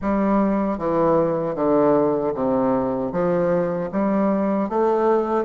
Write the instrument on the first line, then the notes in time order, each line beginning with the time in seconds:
bassoon
0.01 G3
0.78 E3
1.55 D3
2.34 C3
3.12 F3
3.92 G3
4.69 A3